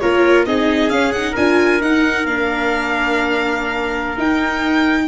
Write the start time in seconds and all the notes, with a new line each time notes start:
0.00 A#3 F4 A#4 C#5
0.46 C4 D#4 G#4 D#5
0.90 C#4 F5
1.12 D#4 F#5
1.32 D4 F4 A#4 G#5
1.81 D#4 F#5
2.25 A#3 D4 F5
4.17 D#4 G5